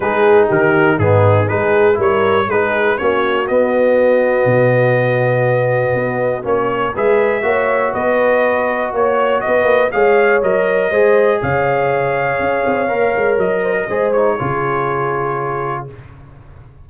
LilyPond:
<<
  \new Staff \with { instrumentName = "trumpet" } { \time 4/4 \tempo 4 = 121 b'4 ais'4 gis'4 b'4 | cis''4 b'4 cis''4 dis''4~ | dis''1~ | dis''4 cis''4 e''2 |
dis''2 cis''4 dis''4 | f''4 dis''2 f''4~ | f''2. dis''4~ | dis''8 cis''2.~ cis''8 | }
  \new Staff \with { instrumentName = "horn" } { \time 4/4 gis'4 g'4 dis'4 gis'4 | ais'4 gis'4 fis'2~ | fis'1~ | fis'2 b'4 cis''4 |
b'2 cis''4 b'4 | cis''2 c''4 cis''4~ | cis''2.~ cis''8 c''16 ais'16 | c''4 gis'2. | }
  \new Staff \with { instrumentName = "trombone" } { \time 4/4 dis'2 b4 dis'4 | e'4 dis'4 cis'4 b4~ | b1~ | b4 cis'4 gis'4 fis'4~ |
fis'1 | gis'4 ais'4 gis'2~ | gis'2 ais'2 | gis'8 dis'8 f'2. | }
  \new Staff \with { instrumentName = "tuba" } { \time 4/4 gis4 dis4 gis,4 gis4 | g4 gis4 ais4 b4~ | b4 b,2. | b4 ais4 gis4 ais4 |
b2 ais4 b8 ais8 | gis4 fis4 gis4 cis4~ | cis4 cis'8 c'8 ais8 gis8 fis4 | gis4 cis2. | }
>>